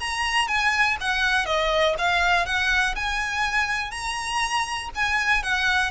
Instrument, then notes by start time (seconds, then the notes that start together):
violin
0.00 A#5
0.48 G#5
1.01 F#5
1.46 D#5
1.99 F5
2.46 F#5
2.96 G#5
3.91 A#5
4.95 G#5
5.43 F#5